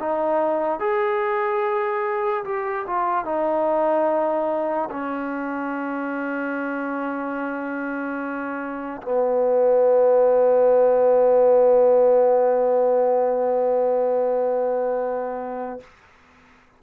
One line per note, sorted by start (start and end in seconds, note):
0.00 0.80 D#4
0.80 2.44 G#4
2.45 2.86 G4
2.87 3.25 F4
3.25 4.89 D#4
4.91 9.01 C#4
9.02 15.80 B3